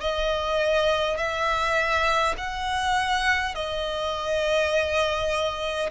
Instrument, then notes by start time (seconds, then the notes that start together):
violin
0.00 D#5
1.17 E5
2.37 F#5
3.55 D#5